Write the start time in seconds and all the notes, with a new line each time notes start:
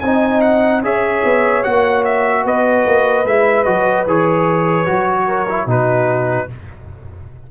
0.00 C4 D#4 D#5 G#5
0.41 F#5
0.82 C#4 G#4 C#5 E5
1.24 B3
1.63 A#3 F#4 F#5
2.04 E5
2.44 B3 B4 D#5
2.85 A#3
3.25 G#3 E4 E5
3.63 F#3 F#4 D#5
4.06 E3 G#4 C#5
4.86 F#3 F#4
5.26 A#4
5.49 E4
5.66 B2 D#4 F#4 B4